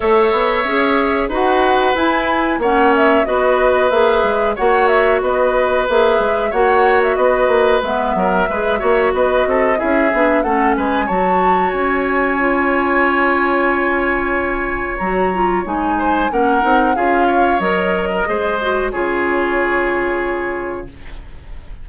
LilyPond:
<<
  \new Staff \with { instrumentName = "flute" } { \time 4/4 \tempo 4 = 92 e''2 fis''4 gis''4 | fis''8 e''8 dis''4 e''4 fis''8 e''8 | dis''4 e''4 fis''8. e''16 dis''4 | e''2 dis''4 e''4 |
fis''8 gis''8 a''4 gis''2~ | gis''2. ais''4 | gis''4 fis''4 f''4 dis''4~ | dis''4 cis''2. | }
  \new Staff \with { instrumentName = "oboe" } { \time 4/4 cis''2 b'2 | cis''4 b'2 cis''4 | b'2 cis''4 b'4~ | b'8 ais'8 b'8 cis''8 b'8 a'8 gis'4 |
a'8 b'8 cis''2.~ | cis''1~ | cis''8 c''8 ais'4 gis'8 cis''4~ cis''16 ais'16 | c''4 gis'2. | }
  \new Staff \with { instrumentName = "clarinet" } { \time 4/4 a'4 gis'4 fis'4 e'4 | cis'4 fis'4 gis'4 fis'4~ | fis'4 gis'4 fis'2 | b4 gis'8 fis'4. e'8 d'8 |
cis'4 fis'2 f'4~ | f'2. fis'8 f'8 | dis'4 cis'8 dis'8 f'4 ais'4 | gis'8 fis'8 f'2. | }
  \new Staff \with { instrumentName = "bassoon" } { \time 4/4 a8 b8 cis'4 dis'4 e'4 | ais4 b4 ais8 gis8 ais4 | b4 ais8 gis8 ais4 b8 ais8 | gis8 fis8 gis8 ais8 b8 c'8 cis'8 b8 |
a8 gis8 fis4 cis'2~ | cis'2. fis4 | gis4 ais8 c'8 cis'4 fis4 | gis4 cis2. | }
>>